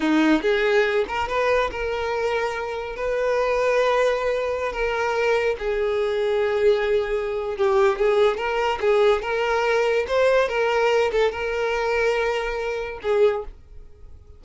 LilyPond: \new Staff \with { instrumentName = "violin" } { \time 4/4 \tempo 4 = 143 dis'4 gis'4. ais'8 b'4 | ais'2. b'4~ | b'2.~ b'16 ais'8.~ | ais'4~ ais'16 gis'2~ gis'8.~ |
gis'2 g'4 gis'4 | ais'4 gis'4 ais'2 | c''4 ais'4. a'8 ais'4~ | ais'2. gis'4 | }